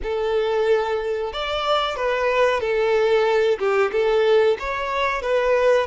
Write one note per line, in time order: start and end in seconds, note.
0.03 1.33 A4
1.33 1.96 D5
1.96 2.60 B4
2.60 3.58 A4
3.58 3.91 G4
3.92 4.57 A4
4.59 5.22 C#5
5.22 5.86 B4